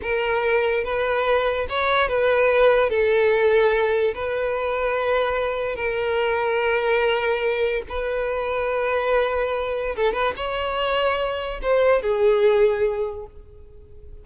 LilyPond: \new Staff \with { instrumentName = "violin" } { \time 4/4 \tempo 4 = 145 ais'2 b'2 | cis''4 b'2 a'4~ | a'2 b'2~ | b'2 ais'2~ |
ais'2. b'4~ | b'1 | a'8 b'8 cis''2. | c''4 gis'2. | }